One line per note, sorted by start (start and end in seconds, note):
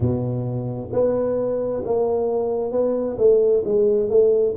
0.00 0.90 B2
0.92 1.83 B3
1.84 2.71 A#3
2.71 3.17 B3
3.17 3.63 A3
3.64 4.09 G#3
4.09 4.54 A3